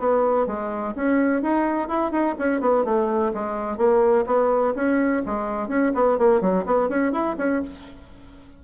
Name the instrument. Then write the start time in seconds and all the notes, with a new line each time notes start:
bassoon
0.00 B3
0.47 G#3
0.96 C#4
1.43 D#4
1.89 E4
2.12 D#4
2.39 C#4
2.61 B3
2.85 A3
3.34 G#3
3.78 A#3
4.27 B3
4.75 C#4
5.26 G#3
5.69 C#4
5.95 B3
6.19 A#3
6.42 F#3
6.66 B3
6.90 C#4
7.13 E4
7.39 C#4